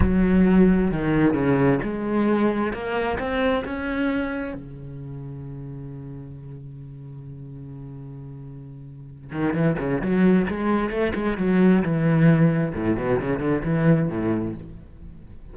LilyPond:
\new Staff \with { instrumentName = "cello" } { \time 4/4 \tempo 4 = 132 fis2 dis4 cis4 | gis2 ais4 c'4 | cis'2 cis2~ | cis1~ |
cis1~ | cis8 dis8 e8 cis8 fis4 gis4 | a8 gis8 fis4 e2 | a,8 b,8 cis8 d8 e4 a,4 | }